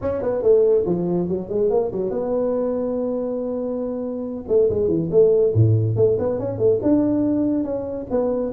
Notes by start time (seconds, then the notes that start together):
0.01 C#4
0.22 B3
0.42 A3
0.86 F3
1.28 F#3
1.49 G#3
1.70 A#3
1.91 F#3
2.10 B3
4.47 A3
4.69 G#3
4.88 E3
5.11 A3
5.54 A2
5.96 A3
6.18 B3
6.39 C#4
6.58 A3
6.82 D4
7.63 C#4
8.10 B3